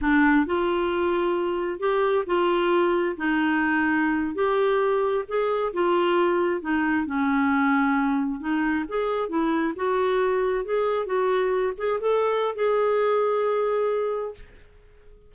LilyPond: \new Staff \with { instrumentName = "clarinet" } { \time 4/4 \tempo 4 = 134 d'4 f'2. | g'4 f'2 dis'4~ | dis'4.~ dis'16 g'2 gis'16~ | gis'8. f'2 dis'4 cis'16~ |
cis'2~ cis'8. dis'4 gis'16~ | gis'8. e'4 fis'2 gis'16~ | gis'8. fis'4. gis'8 a'4~ a'16 | gis'1 | }